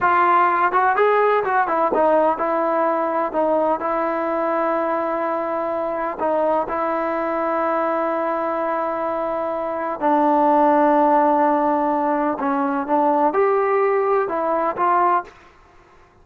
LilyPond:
\new Staff \with { instrumentName = "trombone" } { \time 4/4 \tempo 4 = 126 f'4. fis'8 gis'4 fis'8 e'8 | dis'4 e'2 dis'4 | e'1~ | e'4 dis'4 e'2~ |
e'1~ | e'4 d'2.~ | d'2 cis'4 d'4 | g'2 e'4 f'4 | }